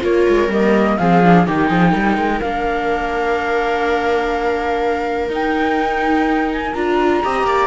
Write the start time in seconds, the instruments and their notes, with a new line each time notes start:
0.00 cello A#3, viola F4 A#4, flute C#5
0.28 cello G#3
0.48 cello G3, viola A#3, flute D#5
0.97 cello F3, viola C4 G#4, flute F5
1.23 viola D4
1.46 cello D#3, viola D#4 G4, flute G5
1.68 cello F3, viola G#4
1.91 cello G3, viola A#4
2.17 cello G#3
2.41 cello A#3, viola D4, flute F5
5.29 cello D#4, viola D#4, flute G5
6.52 flute G#5
6.73 cello D4, viola F4, flute A#5
7.23 cello C4, viola G4 D#5
7.43 cello A#3, viola D5